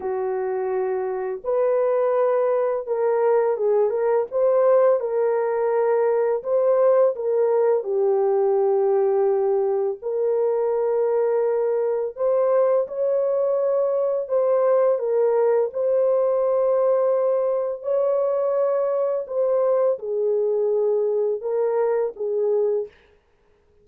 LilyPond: \new Staff \with { instrumentName = "horn" } { \time 4/4 \tempo 4 = 84 fis'2 b'2 | ais'4 gis'8 ais'8 c''4 ais'4~ | ais'4 c''4 ais'4 g'4~ | g'2 ais'2~ |
ais'4 c''4 cis''2 | c''4 ais'4 c''2~ | c''4 cis''2 c''4 | gis'2 ais'4 gis'4 | }